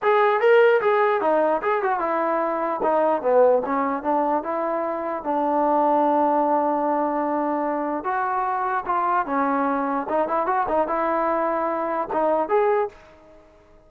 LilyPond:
\new Staff \with { instrumentName = "trombone" } { \time 4/4 \tempo 4 = 149 gis'4 ais'4 gis'4 dis'4 | gis'8 fis'8 e'2 dis'4 | b4 cis'4 d'4 e'4~ | e'4 d'2.~ |
d'1 | fis'2 f'4 cis'4~ | cis'4 dis'8 e'8 fis'8 dis'8 e'4~ | e'2 dis'4 gis'4 | }